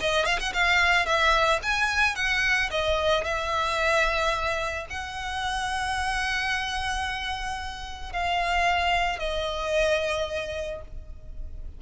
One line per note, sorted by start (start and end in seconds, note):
0.00 0.26 D#5
0.26 0.39 F5
0.39 0.53 F#5
0.53 1.06 F5
1.06 1.60 E5
1.62 2.15 G#5
2.15 2.70 F#5
2.70 3.24 D#5
3.24 4.86 E5
4.90 8.13 F#5
8.13 9.19 F5
9.19 10.81 D#5